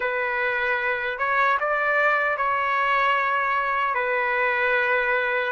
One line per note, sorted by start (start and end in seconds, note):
0.00 1.18 B4
1.18 1.58 C#5
1.60 2.37 D5
2.37 3.94 C#5
3.94 5.52 B4